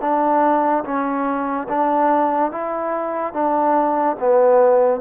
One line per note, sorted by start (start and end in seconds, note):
0.00 0.83 D4
0.84 1.67 C#4
1.68 2.51 D4
2.51 3.33 E4
3.33 4.16 D4
4.19 5.00 B3